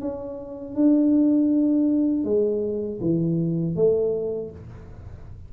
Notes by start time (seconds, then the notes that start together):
0.00 C#4
0.75 D4
2.24 G#3
3.00 E3
3.75 A3